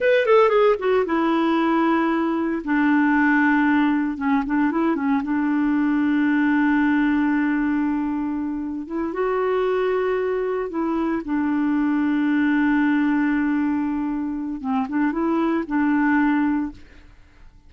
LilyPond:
\new Staff \with { instrumentName = "clarinet" } { \time 4/4 \tempo 4 = 115 b'8 a'8 gis'8 fis'8 e'2~ | e'4 d'2. | cis'8 d'8 e'8 cis'8 d'2~ | d'1~ |
d'4 e'8 fis'2~ fis'8~ | fis'8 e'4 d'2~ d'8~ | d'1 | c'8 d'8 e'4 d'2 | }